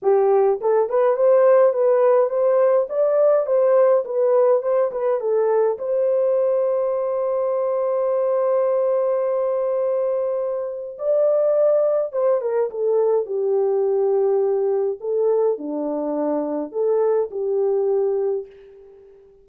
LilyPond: \new Staff \with { instrumentName = "horn" } { \time 4/4 \tempo 4 = 104 g'4 a'8 b'8 c''4 b'4 | c''4 d''4 c''4 b'4 | c''8 b'8 a'4 c''2~ | c''1~ |
c''2. d''4~ | d''4 c''8 ais'8 a'4 g'4~ | g'2 a'4 d'4~ | d'4 a'4 g'2 | }